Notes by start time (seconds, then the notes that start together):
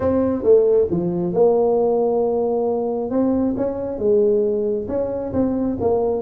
0.00 C4
0.43 A3
0.90 F3
1.33 A#3
3.10 C4
3.56 C#4
3.98 G#3
4.88 C#4
5.32 C4
5.80 A#3